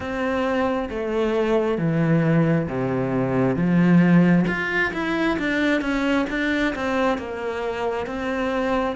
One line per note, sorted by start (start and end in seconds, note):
0.00 0.89 C4
0.90 1.78 A3
1.78 2.67 E3
2.68 3.55 C3
3.55 4.45 F3
4.47 4.92 F4
4.93 5.37 E4
5.38 5.81 D4
5.81 6.26 C#4
6.29 6.74 D4
6.75 7.18 C4
7.18 8.06 A#3
8.06 8.96 C4